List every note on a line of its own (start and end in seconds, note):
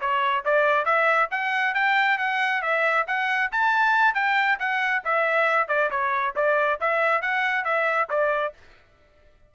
0.00 0.44 C#5
0.44 0.85 D5
0.85 1.29 E5
1.31 1.74 F#5
1.74 2.18 G5
2.18 2.61 F#5
2.62 3.06 E5
3.07 3.50 F#5
3.51 4.14 A5
4.14 4.58 G5
4.59 5.02 F#5
5.04 5.68 E5
5.68 5.89 D5
5.90 6.34 C#5
6.35 6.79 D5
6.80 7.21 E5
7.21 7.64 F#5
7.64 8.08 E5
8.09 8.53 D5